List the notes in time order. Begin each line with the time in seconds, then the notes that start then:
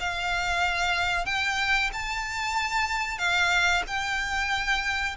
0.00 F5
1.26 G5
1.93 A5
3.18 F5
3.87 G5